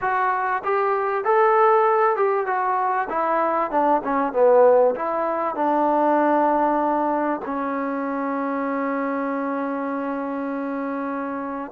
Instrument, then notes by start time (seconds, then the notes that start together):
trombone
0.01 F#4
0.64 G4
1.24 A4
2.16 G4
2.46 F#4
3.09 E4
3.70 D4
4.03 C#4
4.32 B3
4.95 E4
5.55 D4
7.45 C#4